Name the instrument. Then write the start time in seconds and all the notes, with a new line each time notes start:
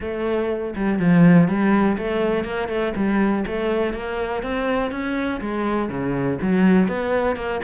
cello
0.00 A3
0.75 G3
0.99 F3
1.48 G3
1.97 A3
2.44 A#3
2.68 A3
2.96 G3
3.46 A3
3.93 A#3
4.42 C4
4.91 C#4
5.40 G#3
5.89 C#3
6.41 F#3
6.88 B3
7.35 A#3